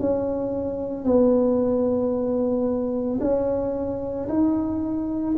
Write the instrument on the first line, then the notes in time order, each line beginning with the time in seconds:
tuba
0.00 C#4
1.05 B3
3.21 C#4
4.29 D#4